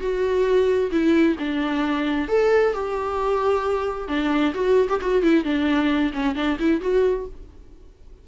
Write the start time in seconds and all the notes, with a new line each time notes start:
0.00 F#4
0.91 E4
1.39 D4
2.28 A4
2.73 G4
4.08 D4
4.54 F#4
4.88 G4
5.01 F#4
5.22 E4
5.44 D4
6.13 C#4
6.35 D4
6.59 E4
6.81 F#4